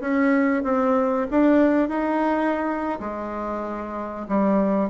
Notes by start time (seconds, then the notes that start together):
0.00 C#4
0.63 C4
1.30 D4
1.88 D#4
3.00 G#3
4.28 G3